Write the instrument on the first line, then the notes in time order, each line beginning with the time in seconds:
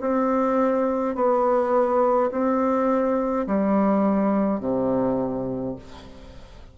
bassoon
0.00 C4
1.15 B3
2.31 C4
3.47 G3
4.60 C3